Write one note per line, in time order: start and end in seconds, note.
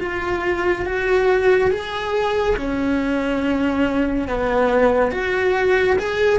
0.00 0.86 F4
0.86 1.71 F#4
1.71 2.56 G#4
2.57 4.28 C#4
4.28 5.12 B3
5.12 5.97 F#4
5.99 6.39 G#4